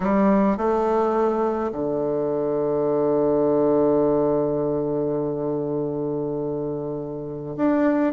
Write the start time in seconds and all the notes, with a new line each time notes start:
0.00 G3
0.57 A3
1.72 D3
7.56 D4